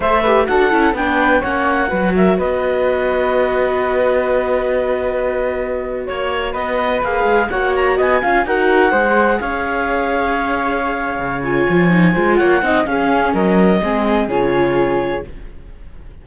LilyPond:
<<
  \new Staff \with { instrumentName = "clarinet" } { \time 4/4 \tempo 4 = 126 e''4 fis''4 g''4 fis''4~ | fis''8 e''8 dis''2.~ | dis''1~ | dis''8. cis''4 dis''4 f''4 fis''16~ |
fis''16 ais''8 gis''4 fis''2 f''16~ | f''1 | gis''2 fis''4 f''4 | dis''2 cis''2 | }
  \new Staff \with { instrumentName = "flute" } { \time 4/4 c''8 b'8 a'4 b'4 cis''4 | b'8 ais'8 b'2.~ | b'1~ | b'8. cis''4 b'2 cis''16~ |
cis''8. dis''8 f''8 ais'4 c''4 cis''16~ | cis''1~ | cis''4. c''8 cis''8 dis''8 gis'4 | ais'4 gis'2. | }
  \new Staff \with { instrumentName = "viola" } { \time 4/4 a'8 g'8 fis'8 e'8 d'4 cis'4 | fis'1~ | fis'1~ | fis'2~ fis'8. gis'4 fis'16~ |
fis'4~ fis'16 f'8 fis'4 gis'4~ gis'16~ | gis'1 | f'4 dis'8 f'4 dis'8 cis'4~ | cis'4 c'4 f'2 | }
  \new Staff \with { instrumentName = "cello" } { \time 4/4 a4 d'8 cis'8 b4 ais4 | fis4 b2.~ | b1~ | b8. ais4 b4 ais8 gis8 ais16~ |
ais8. b8 cis'8 dis'4 gis4 cis'16~ | cis'2.~ cis'8 cis8~ | cis8 f4 gis8 ais8 c'8 cis'4 | fis4 gis4 cis2 | }
>>